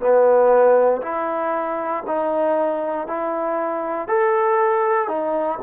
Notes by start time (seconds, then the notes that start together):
0.00 B3
1.02 E4
2.07 D#4
3.07 E4
4.08 A4
5.08 D#4